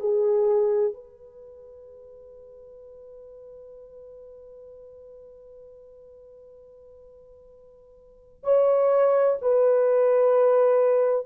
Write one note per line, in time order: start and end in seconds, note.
0.00 0.94 G#4
0.94 8.44 B4
8.44 9.37 C#5
9.41 11.26 B4